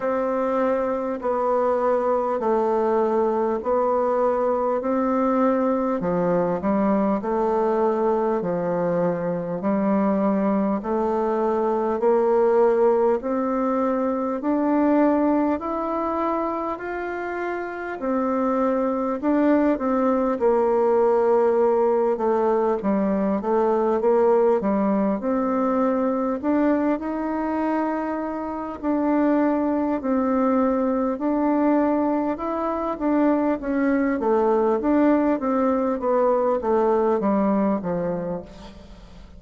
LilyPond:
\new Staff \with { instrumentName = "bassoon" } { \time 4/4 \tempo 4 = 50 c'4 b4 a4 b4 | c'4 f8 g8 a4 f4 | g4 a4 ais4 c'4 | d'4 e'4 f'4 c'4 |
d'8 c'8 ais4. a8 g8 a8 | ais8 g8 c'4 d'8 dis'4. | d'4 c'4 d'4 e'8 d'8 | cis'8 a8 d'8 c'8 b8 a8 g8 f8 | }